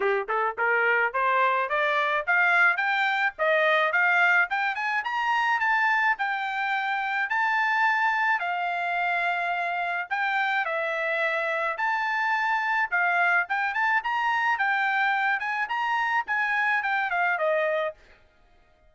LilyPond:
\new Staff \with { instrumentName = "trumpet" } { \time 4/4 \tempo 4 = 107 g'8 a'8 ais'4 c''4 d''4 | f''4 g''4 dis''4 f''4 | g''8 gis''8 ais''4 a''4 g''4~ | g''4 a''2 f''4~ |
f''2 g''4 e''4~ | e''4 a''2 f''4 | g''8 a''8 ais''4 g''4. gis''8 | ais''4 gis''4 g''8 f''8 dis''4 | }